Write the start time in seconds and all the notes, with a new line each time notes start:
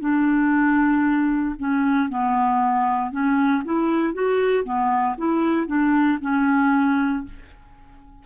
0.00 D4
1.58 C#4
2.09 B3
3.11 C#4
3.64 E4
4.14 F#4
4.64 B3
5.17 E4
5.67 D4
6.21 C#4